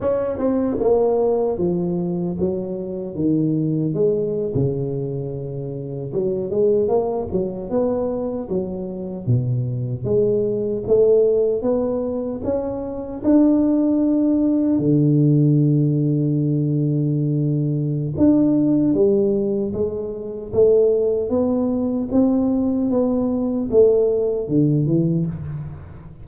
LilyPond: \new Staff \with { instrumentName = "tuba" } { \time 4/4 \tempo 4 = 76 cis'8 c'8 ais4 f4 fis4 | dis4 gis8. cis2 fis16~ | fis16 gis8 ais8 fis8 b4 fis4 b,16~ | b,8. gis4 a4 b4 cis'16~ |
cis'8. d'2 d4~ d16~ | d2. d'4 | g4 gis4 a4 b4 | c'4 b4 a4 d8 e8 | }